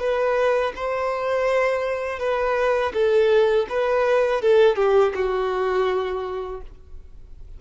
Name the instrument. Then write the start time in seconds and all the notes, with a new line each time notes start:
violin
0.00 B4
0.76 C5
2.20 B4
2.94 A4
3.70 B4
4.42 A4
4.77 G4
5.15 F#4